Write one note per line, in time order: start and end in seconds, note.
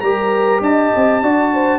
0.00 0.60 G3
0.00 1.23 G4
0.00 0.63 A#4
0.00 0.60 A#5
0.60 0.91 D4
0.60 1.22 D#5
0.60 1.78 A5
0.95 1.22 C4
1.22 1.78 D4
1.22 1.78 F#4
1.22 1.52 D5
1.53 1.78 C5